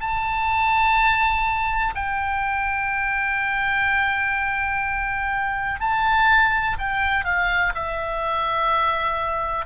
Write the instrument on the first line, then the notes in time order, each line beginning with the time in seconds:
oboe
0.00 A5
1.95 G5
5.80 A5
6.79 G5
7.25 F5
7.75 E5